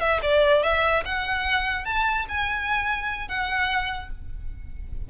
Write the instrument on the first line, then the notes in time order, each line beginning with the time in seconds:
violin
0.00 E5
0.22 D5
0.63 E5
1.05 F#5
1.85 A5
2.28 G#5
3.28 F#5